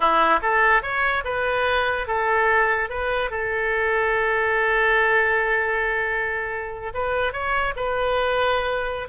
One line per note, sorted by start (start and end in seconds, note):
0.00 0.40 E4
0.42 0.82 A4
0.82 1.23 C#5
1.24 2.07 B4
2.07 2.89 A4
2.89 3.30 B4
3.30 6.92 A4
6.93 7.32 B4
7.32 7.74 C#5
7.76 9.08 B4